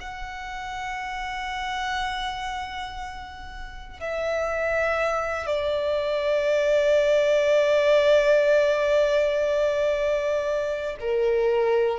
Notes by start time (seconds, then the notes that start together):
0.00 F#5
4.00 E5
5.46 D5
11.00 A#4